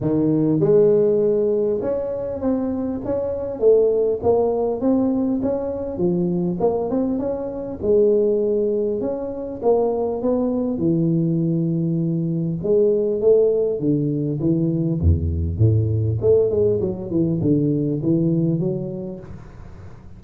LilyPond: \new Staff \with { instrumentName = "tuba" } { \time 4/4 \tempo 4 = 100 dis4 gis2 cis'4 | c'4 cis'4 a4 ais4 | c'4 cis'4 f4 ais8 c'8 | cis'4 gis2 cis'4 |
ais4 b4 e2~ | e4 gis4 a4 d4 | e4 e,4 a,4 a8 gis8 | fis8 e8 d4 e4 fis4 | }